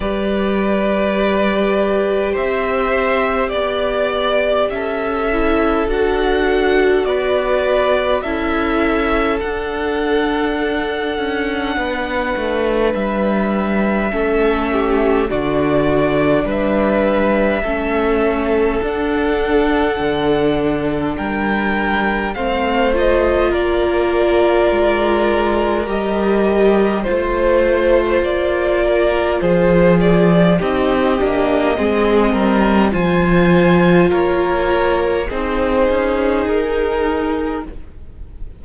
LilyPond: <<
  \new Staff \with { instrumentName = "violin" } { \time 4/4 \tempo 4 = 51 d''2 e''4 d''4 | e''4 fis''4 d''4 e''4 | fis''2. e''4~ | e''4 d''4 e''2 |
fis''2 g''4 f''8 dis''8 | d''2 dis''4 c''4 | d''4 c''8 d''8 dis''2 | gis''4 cis''4 c''4 ais'4 | }
  \new Staff \with { instrumentName = "violin" } { \time 4/4 b'2 c''4 d''4 | a'2 b'4 a'4~ | a'2 b'2 | a'8 g'8 fis'4 b'4 a'4~ |
a'2 ais'4 c''4 | ais'2. c''4~ | c''8 ais'8 gis'4 g'4 gis'8 ais'8 | c''4 ais'4 gis'2 | }
  \new Staff \with { instrumentName = "viola" } { \time 4/4 g'1~ | g'8 e'8 fis'2 e'4 | d'1 | cis'4 d'2 cis'4 |
d'2. c'8 f'8~ | f'2 g'4 f'4~ | f'2 dis'8 d'8 c'4 | f'2 dis'2 | }
  \new Staff \with { instrumentName = "cello" } { \time 4/4 g2 c'4 b4 | cis'4 d'4 b4 cis'4 | d'4. cis'8 b8 a8 g4 | a4 d4 g4 a4 |
d'4 d4 g4 a4 | ais4 gis4 g4 a4 | ais4 f4 c'8 ais8 gis8 g8 | f4 ais4 c'8 cis'8 dis'4 | }
>>